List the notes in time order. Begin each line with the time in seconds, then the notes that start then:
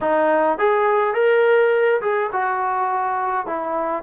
0.00 D#4
0.58 G#4
1.14 A#4
2.01 G#4
2.32 F#4
3.46 E4